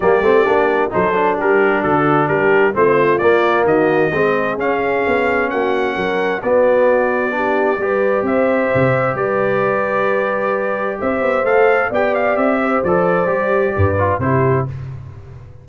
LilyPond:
<<
  \new Staff \with { instrumentName = "trumpet" } { \time 4/4 \tempo 4 = 131 d''2 c''4 ais'4 | a'4 ais'4 c''4 d''4 | dis''2 f''2 | fis''2 d''2~ |
d''2 e''2 | d''1 | e''4 f''4 g''8 f''8 e''4 | d''2. c''4 | }
  \new Staff \with { instrumentName = "horn" } { \time 4/4 g'2 a'4 g'4 | fis'4 g'4 f'2 | fis'4 gis'2. | fis'4 ais'4 fis'2 |
g'4 b'4 c''2 | b'1 | c''2 d''4. c''8~ | c''2 b'4 g'4 | }
  \new Staff \with { instrumentName = "trombone" } { \time 4/4 ais8 c'8 d'4 dis'8 d'4.~ | d'2 c'4 ais4~ | ais4 c'4 cis'2~ | cis'2 b2 |
d'4 g'2.~ | g'1~ | g'4 a'4 g'2 | a'4 g'4. f'8 e'4 | }
  \new Staff \with { instrumentName = "tuba" } { \time 4/4 g8 a8 ais4 fis4 g4 | d4 g4 a4 ais4 | dis4 gis4 cis'4 b4 | ais4 fis4 b2~ |
b4 g4 c'4 c4 | g1 | c'8 b8 a4 b4 c'4 | f4 g4 g,4 c4 | }
>>